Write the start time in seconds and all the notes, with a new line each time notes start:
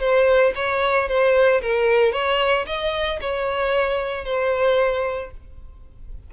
0.00 C5
0.55 C#5
1.08 C5
1.62 A#4
2.13 C#5
2.67 D#5
3.21 C#5
4.25 C5